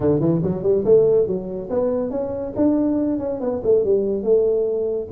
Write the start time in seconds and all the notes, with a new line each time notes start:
0.00 D3
0.20 E3
0.43 F#3
0.62 G3
0.84 A3
1.26 F#3
1.69 B3
2.10 C#4
2.56 D4
3.19 C#4
3.40 B3
3.63 A3
3.84 G3
4.23 A3